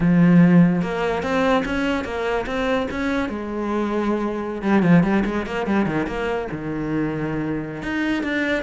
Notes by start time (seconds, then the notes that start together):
0.00 F3
0.81 A#3
1.22 C4
1.65 C#4
2.04 A#3
2.46 C4
2.90 C#4
3.29 G#3
4.62 G3
4.82 F3
5.03 G3
5.25 G#3
5.46 A#3
5.66 G3
5.86 D#3
6.07 A#3
6.51 D#3
7.82 D#4
8.23 D4